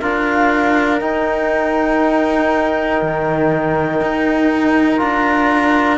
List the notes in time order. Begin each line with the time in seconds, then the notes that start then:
0.00 D4 F4 A#4 F5
0.99 D#4 G5
3.01 D#3
4.00 D#4
4.97 D4 F4 A#5